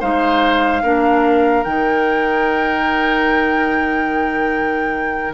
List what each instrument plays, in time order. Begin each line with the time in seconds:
0.00 bassoon G#3, clarinet D#4, oboe C5, flute F5
0.83 bassoon A#3, clarinet D4, oboe A#4
1.63 bassoon D#3, clarinet D#4, flute G5